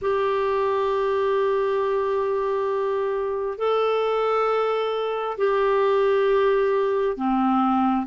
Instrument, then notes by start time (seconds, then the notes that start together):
clarinet
0.01 G4
3.58 A4
5.37 G4
7.16 C4